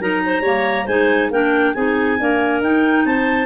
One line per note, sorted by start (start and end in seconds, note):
0.00 0.41 F#3
0.00 0.44 D#4
0.00 0.23 A#4
0.00 0.87 A#5
0.26 0.42 C5
0.41 0.84 G3
0.41 0.88 A#3
0.41 0.85 C#5
0.85 1.31 G#3
0.85 1.32 D#4
0.85 1.29 C5
0.85 1.31 G#5
1.31 1.74 A#3
1.31 1.76 D4
1.31 1.75 A#4
1.31 1.74 G5
1.74 2.20 C4
1.74 2.19 D#4
1.74 2.18 G#4
1.74 2.61 G#5
2.19 2.63 A#3
2.19 2.61 D4
2.19 3.05 A#4
2.61 3.05 D#4
2.61 3.47 D#4
2.61 3.06 G5
3.05 3.47 C4
3.05 3.47 C5
3.05 3.47 A5